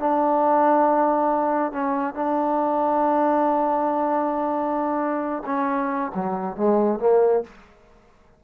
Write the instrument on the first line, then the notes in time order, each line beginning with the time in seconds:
trombone
0.00 D4
1.73 C#4
2.15 D4
5.46 C#4
6.15 F#3
6.57 G#3
7.00 A#3